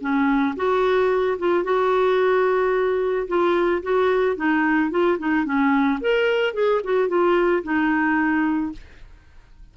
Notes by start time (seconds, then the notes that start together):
0.00 C#4
0.56 F#4
1.38 F4
1.63 F#4
3.27 F4
3.82 F#4
4.36 D#4
4.90 F4
5.18 D#4
5.45 C#4
6.00 A#4
6.54 G#4
6.84 F#4
7.08 F4
7.63 D#4